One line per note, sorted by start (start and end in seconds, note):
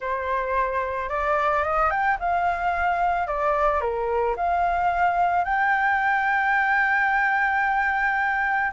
0.00 1.09 C5
1.09 1.63 D5
1.63 1.90 D#5
1.90 2.17 G5
2.19 3.27 F5
3.27 3.81 D5
3.81 4.35 A#4
4.36 5.44 F5
5.44 8.71 G5